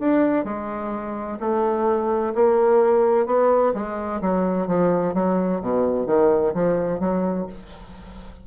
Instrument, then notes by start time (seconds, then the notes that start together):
bassoon
0.00 D4
0.45 G#3
1.40 A3
2.35 A#3
3.26 B3
3.74 G#3
4.22 F#3
4.67 F3
5.14 F#3
5.61 B2
6.07 D#3
6.54 F3
7.00 F#3